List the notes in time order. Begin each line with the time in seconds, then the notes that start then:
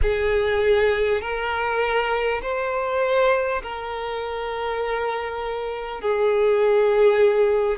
0.02 G#4
1.21 A#4
2.42 C5
3.62 A#4
6.01 G#4